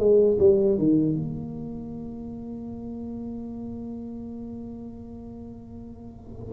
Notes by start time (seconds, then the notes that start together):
0.00 G#3
0.40 G3
0.79 D#3
1.16 A#3